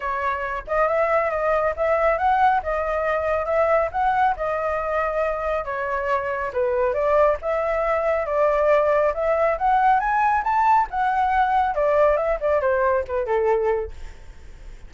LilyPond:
\new Staff \with { instrumentName = "flute" } { \time 4/4 \tempo 4 = 138 cis''4. dis''8 e''4 dis''4 | e''4 fis''4 dis''2 | e''4 fis''4 dis''2~ | dis''4 cis''2 b'4 |
d''4 e''2 d''4~ | d''4 e''4 fis''4 gis''4 | a''4 fis''2 d''4 | e''8 d''8 c''4 b'8 a'4. | }